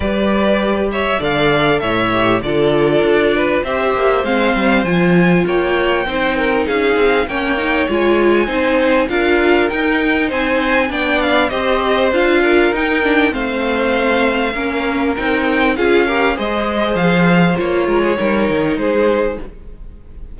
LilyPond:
<<
  \new Staff \with { instrumentName = "violin" } { \time 4/4 \tempo 4 = 99 d''4. e''8 f''4 e''4 | d''2 e''4 f''4 | gis''4 g''2 f''4 | g''4 gis''2 f''4 |
g''4 gis''4 g''8 f''8 dis''4 | f''4 g''4 f''2~ | f''4 g''4 f''4 dis''4 | f''4 cis''2 c''4 | }
  \new Staff \with { instrumentName = "violin" } { \time 4/4 b'4. cis''8 d''4 cis''4 | a'4. b'8 c''2~ | c''4 cis''4 c''8 ais'8 gis'4 | cis''2 c''4 ais'4~ |
ais'4 c''4 d''4 c''4~ | c''8 ais'4. c''2 | ais'2 gis'8 ais'8 c''4~ | c''4. ais'16 gis'16 ais'4 gis'4 | }
  \new Staff \with { instrumentName = "viola" } { \time 4/4 g'2 a'4. g'8 | f'2 g'4 c'4 | f'2 dis'2 | cis'8 dis'8 f'4 dis'4 f'4 |
dis'2 d'4 g'4 | f'4 dis'8 d'8 c'2 | cis'4 dis'4 f'8 g'8 gis'4~ | gis'4 f'4 dis'2 | }
  \new Staff \with { instrumentName = "cello" } { \time 4/4 g2 d4 a,4 | d4 d'4 c'8 ais8 gis8 g8 | f4 ais4 c'4 cis'8 c'8 | ais4 gis4 c'4 d'4 |
dis'4 c'4 b4 c'4 | d'4 dis'4 a2 | ais4 c'4 cis'4 gis4 | f4 ais8 gis8 g8 dis8 gis4 | }
>>